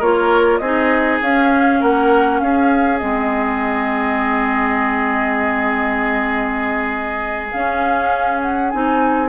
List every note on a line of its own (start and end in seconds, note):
0.00 0.61 A#3
0.00 0.62 F4
0.00 0.60 A#4
0.00 0.58 C#5
0.58 1.21 C4
0.58 1.24 D#4
0.58 1.81 G#4
0.58 1.18 D#5
1.22 1.82 C#4
1.22 2.99 C#4
1.22 1.82 F5
1.81 2.42 A#3
1.81 2.41 A#4
1.81 2.40 F#5
2.40 3.02 C#4
2.40 9.30 G#4
2.40 2.98 F5
2.98 7.53 G#3
2.98 7.49 C4
2.98 7.48 D#5
7.52 8.73 C#4
7.52 8.74 C#4
7.52 8.42 F5
8.42 8.70 F#5
8.70 9.30 C4
8.70 9.30 D#4
8.70 9.30 G#5